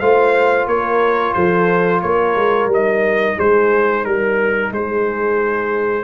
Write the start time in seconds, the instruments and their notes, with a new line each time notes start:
0.00 tuba A3, trombone F4, horn C5, trumpet F5
0.68 tuba A#3, horn A#4, trumpet C#5
1.34 tuba F3, horn A4, trumpet C5
2.02 tuba A#3, horn A#4, trumpet C#5
2.36 tuba G#3
2.67 tuba G3, trombone D#4
2.74 trumpet D#5
3.37 tuba G#3, horn G#4, trumpet C5
4.04 tuba G3, horn A#4, trumpet A#4
4.72 tuba G#3, horn G#4, trumpet C5